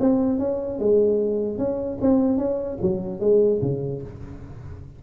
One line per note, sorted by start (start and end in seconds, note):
0.00 0.39 C4
0.39 0.79 C#4
0.79 1.58 G#3
1.58 1.98 C#4
2.01 2.38 C4
2.38 2.78 C#4
2.82 3.20 F#3
3.20 3.61 G#3
3.62 4.02 C#3